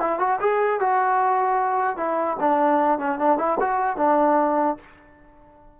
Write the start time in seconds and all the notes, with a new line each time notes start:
0.00 E4
0.19 F#4
0.40 G#4
0.80 F#4
1.97 E4
2.40 D4
2.99 C#4
3.19 D4
3.38 E4
3.60 F#4
3.97 D4